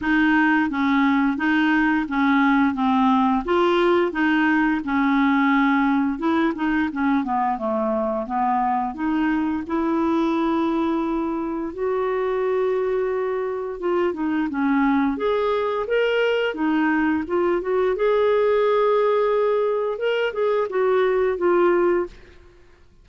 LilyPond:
\new Staff \with { instrumentName = "clarinet" } { \time 4/4 \tempo 4 = 87 dis'4 cis'4 dis'4 cis'4 | c'4 f'4 dis'4 cis'4~ | cis'4 e'8 dis'8 cis'8 b8 a4 | b4 dis'4 e'2~ |
e'4 fis'2. | f'8 dis'8 cis'4 gis'4 ais'4 | dis'4 f'8 fis'8 gis'2~ | gis'4 ais'8 gis'8 fis'4 f'4 | }